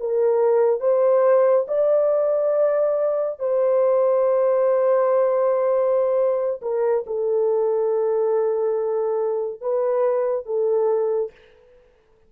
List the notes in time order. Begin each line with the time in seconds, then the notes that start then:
0.00 A#4
0.80 C5
1.68 D5
3.39 C5
6.62 A#4
7.07 A4
9.61 B4
10.46 A4